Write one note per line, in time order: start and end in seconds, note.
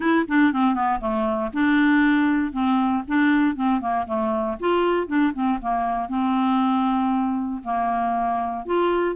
0.00 0.25 E4
0.28 0.52 D4
0.52 0.74 C4
0.74 0.99 B3
1.00 1.51 A3
1.53 2.52 D4
2.52 3.03 C4
3.07 3.55 D4
3.55 3.80 C4
3.80 4.06 A#3
4.06 4.57 A3
4.59 5.07 F4
5.07 5.32 D4
5.33 5.59 C4
5.61 6.09 A#3
6.09 7.61 C4
7.64 8.65 A#3
8.65 9.15 F4